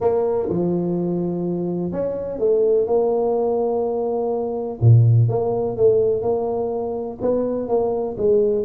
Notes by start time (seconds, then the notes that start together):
0.00 A#3
0.49 F3
1.92 C#4
2.38 A3
2.86 A#3
4.80 A#2
5.28 A#3
5.76 A3
6.22 A#3
7.21 B3
7.68 A#3
8.17 G#3